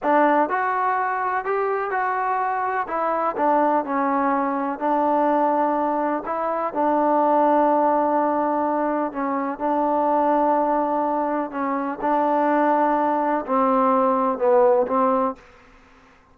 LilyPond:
\new Staff \with { instrumentName = "trombone" } { \time 4/4 \tempo 4 = 125 d'4 fis'2 g'4 | fis'2 e'4 d'4 | cis'2 d'2~ | d'4 e'4 d'2~ |
d'2. cis'4 | d'1 | cis'4 d'2. | c'2 b4 c'4 | }